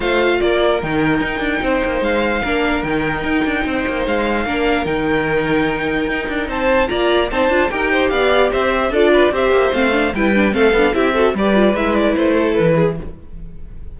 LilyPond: <<
  \new Staff \with { instrumentName = "violin" } { \time 4/4 \tempo 4 = 148 f''4 d''4 g''2~ | g''4 f''2 g''4~ | g''2 f''2 | g''1 |
a''4 ais''4 a''4 g''4 | f''4 e''4 d''4 e''4 | f''4 g''4 f''4 e''4 | d''4 e''8 d''8 c''4 b'4 | }
  \new Staff \with { instrumentName = "violin" } { \time 4/4 c''4 ais'2. | c''2 ais'2~ | ais'4 c''2 ais'4~ | ais'1 |
c''4 d''4 c''4 ais'8 c''8 | d''4 c''4 a'8 b'8 c''4~ | c''4 b'4 a'4 g'8 a'8 | b'2~ b'8 a'4 gis'8 | }
  \new Staff \with { instrumentName = "viola" } { \time 4/4 f'2 dis'2~ | dis'2 d'4 dis'4~ | dis'2. d'4 | dis'1~ |
dis'4 f'4 dis'8 f'8 g'4~ | g'2 f'4 g'4 | c'8 d'8 e'8 d'8 c'8 d'8 e'8 fis'8 | g'8 f'8 e'2. | }
  \new Staff \with { instrumentName = "cello" } { \time 4/4 a4 ais4 dis4 dis'8 d'8 | c'8 ais8 gis4 ais4 dis4 | dis'8 d'8 c'8 ais8 gis4 ais4 | dis2. dis'8 d'8 |
c'4 ais4 c'8 d'8 dis'4 | b4 c'4 d'4 c'8 ais8 | a4 g4 a8 b8 c'4 | g4 gis4 a4 e4 | }
>>